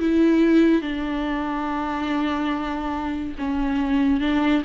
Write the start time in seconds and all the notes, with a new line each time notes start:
0.00 E4
0.82 D4
3.39 C#4
4.21 D4